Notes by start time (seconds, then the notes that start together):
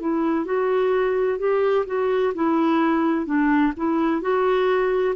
0.00 E4
0.45 F#4
1.38 G4
1.86 F#4
2.34 E4
3.26 D4
3.76 E4
4.21 F#4